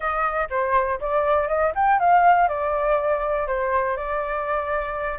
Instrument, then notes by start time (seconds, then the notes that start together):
flute
0.00 D#5
0.50 C5
1.00 D5
1.48 D#5
1.75 G5
1.99 F5
2.48 D5
3.47 C5
3.96 D5